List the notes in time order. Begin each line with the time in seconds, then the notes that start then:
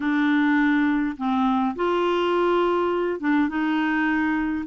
0.00 D4
1.17 C4
1.75 F4
3.20 D4
3.48 D#4